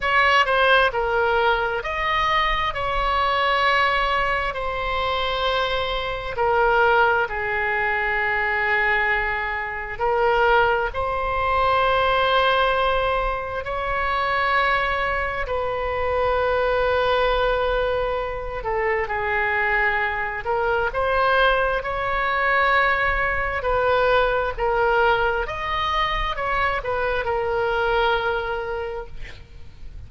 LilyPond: \new Staff \with { instrumentName = "oboe" } { \time 4/4 \tempo 4 = 66 cis''8 c''8 ais'4 dis''4 cis''4~ | cis''4 c''2 ais'4 | gis'2. ais'4 | c''2. cis''4~ |
cis''4 b'2.~ | b'8 a'8 gis'4. ais'8 c''4 | cis''2 b'4 ais'4 | dis''4 cis''8 b'8 ais'2 | }